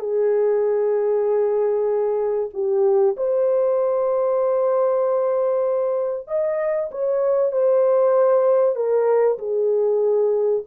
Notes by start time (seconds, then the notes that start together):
0.00 G#4
2.54 G4
3.17 C5
6.28 D#5
6.91 C#5
7.52 C5
8.76 A#4
9.39 G#4